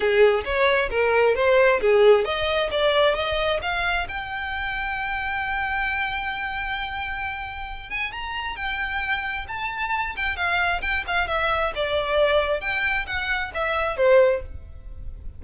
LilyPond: \new Staff \with { instrumentName = "violin" } { \time 4/4 \tempo 4 = 133 gis'4 cis''4 ais'4 c''4 | gis'4 dis''4 d''4 dis''4 | f''4 g''2.~ | g''1~ |
g''4. gis''8 ais''4 g''4~ | g''4 a''4. g''8 f''4 | g''8 f''8 e''4 d''2 | g''4 fis''4 e''4 c''4 | }